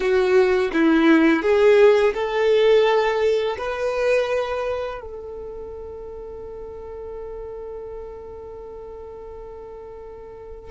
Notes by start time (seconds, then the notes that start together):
0.00 F#4
0.73 E4
1.42 G#4
2.14 A4
3.58 B4
5.00 A4